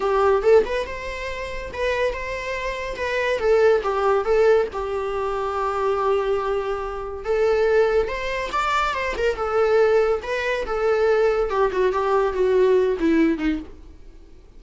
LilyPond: \new Staff \with { instrumentName = "viola" } { \time 4/4 \tempo 4 = 141 g'4 a'8 b'8 c''2 | b'4 c''2 b'4 | a'4 g'4 a'4 g'4~ | g'1~ |
g'4 a'2 c''4 | d''4 c''8 ais'8 a'2 | b'4 a'2 g'8 fis'8 | g'4 fis'4. e'4 dis'8 | }